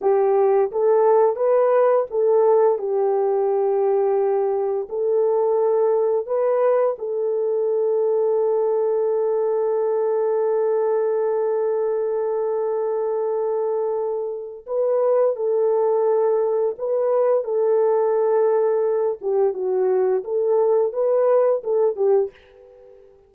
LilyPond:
\new Staff \with { instrumentName = "horn" } { \time 4/4 \tempo 4 = 86 g'4 a'4 b'4 a'4 | g'2. a'4~ | a'4 b'4 a'2~ | a'1~ |
a'1~ | a'4 b'4 a'2 | b'4 a'2~ a'8 g'8 | fis'4 a'4 b'4 a'8 g'8 | }